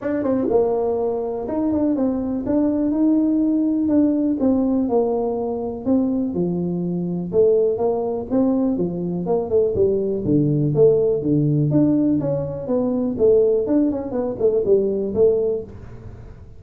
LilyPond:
\new Staff \with { instrumentName = "tuba" } { \time 4/4 \tempo 4 = 123 d'8 c'8 ais2 dis'8 d'8 | c'4 d'4 dis'2 | d'4 c'4 ais2 | c'4 f2 a4 |
ais4 c'4 f4 ais8 a8 | g4 d4 a4 d4 | d'4 cis'4 b4 a4 | d'8 cis'8 b8 a8 g4 a4 | }